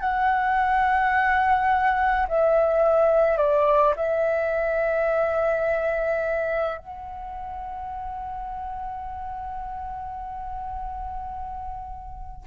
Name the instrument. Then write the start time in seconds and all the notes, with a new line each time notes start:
flute
0.00 F#5
2.28 E5
3.37 D5
3.96 E5
6.78 F#5